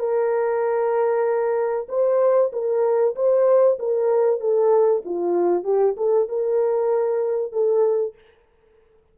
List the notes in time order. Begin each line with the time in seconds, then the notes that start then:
0.00 A#4
1.89 C5
2.53 A#4
3.16 C5
3.80 A#4
4.41 A4
5.06 F4
5.64 G4
5.98 A4
6.29 A#4
7.53 A4